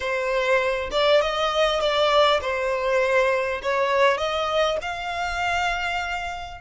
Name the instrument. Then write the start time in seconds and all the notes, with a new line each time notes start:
violin
0.00 C5
0.91 D5
1.21 D#5
1.80 D5
2.41 C5
3.62 C#5
4.17 D#5
4.81 F5